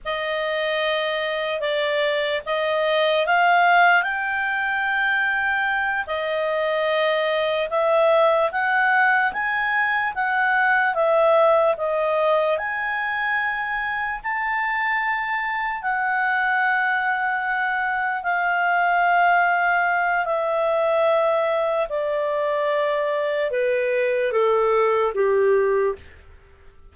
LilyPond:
\new Staff \with { instrumentName = "clarinet" } { \time 4/4 \tempo 4 = 74 dis''2 d''4 dis''4 | f''4 g''2~ g''8 dis''8~ | dis''4. e''4 fis''4 gis''8~ | gis''8 fis''4 e''4 dis''4 gis''8~ |
gis''4. a''2 fis''8~ | fis''2~ fis''8 f''4.~ | f''4 e''2 d''4~ | d''4 b'4 a'4 g'4 | }